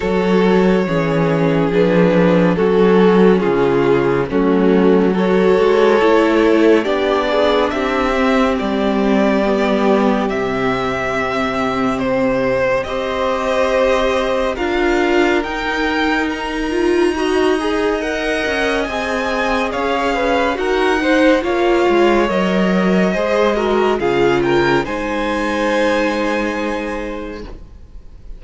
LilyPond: <<
  \new Staff \with { instrumentName = "violin" } { \time 4/4 \tempo 4 = 70 cis''2 b'4 a'4 | gis'4 fis'4 cis''2 | d''4 e''4 d''2 | e''2 c''4 dis''4~ |
dis''4 f''4 g''4 ais''4~ | ais''4 fis''4 gis''4 f''4 | fis''4 f''4 dis''2 | f''8 g''8 gis''2. | }
  \new Staff \with { instrumentName = "violin" } { \time 4/4 a'4 gis'2 fis'4 | f'4 cis'4 a'2 | g'8 gis'8 g'2.~ | g'2. c''4~ |
c''4 ais'2. | dis''2. cis''8 b'8 | ais'8 c''8 cis''2 c''8 ais'8 | gis'8 ais'8 c''2. | }
  \new Staff \with { instrumentName = "viola" } { \time 4/4 fis'4 cis'4 d'4 cis'4~ | cis'4 a4 fis'4 e'4 | d'4. c'4. b4 | c'2. g'4~ |
g'4 f'4 dis'4. f'8 | fis'8 gis'8 ais'4 gis'2 | fis'8 dis'8 f'4 ais'4 gis'8 fis'8 | f'4 dis'2. | }
  \new Staff \with { instrumentName = "cello" } { \time 4/4 fis4 e4 f4 fis4 | cis4 fis4. gis8 a4 | b4 c'4 g2 | c2. c'4~ |
c'4 d'4 dis'2~ | dis'4. cis'8 c'4 cis'4 | dis'4 ais8 gis8 fis4 gis4 | cis4 gis2. | }
>>